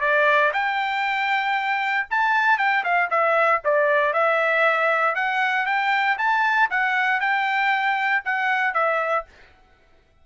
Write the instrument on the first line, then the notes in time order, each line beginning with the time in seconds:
trumpet
0.00 D5
0.53 G5
2.10 A5
2.58 G5
2.84 F5
3.10 E5
3.64 D5
4.13 E5
5.15 F#5
5.65 G5
6.17 A5
6.70 F#5
7.20 G5
8.24 F#5
8.74 E5